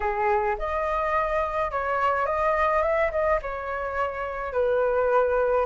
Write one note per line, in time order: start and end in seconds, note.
0.00 0.56 G#4
0.58 1.71 D#5
1.71 2.25 C#5
2.25 2.82 D#5
2.82 3.10 E5
3.11 3.39 D#5
3.42 4.53 C#5
4.53 5.65 B4